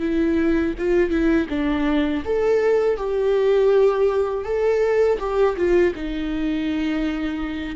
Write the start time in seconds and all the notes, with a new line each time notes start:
0.00 E4
0.78 F4
1.10 E4
1.49 D4
2.25 A4
2.97 G4
4.45 A4
5.19 G4
5.57 F4
5.95 D#4